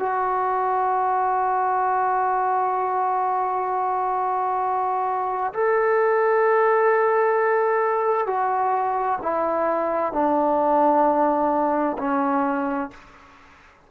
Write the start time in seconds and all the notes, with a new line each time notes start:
0.00 F#4
5.54 A4
8.27 F#4
9.23 E4
10.13 D4
11.99 C#4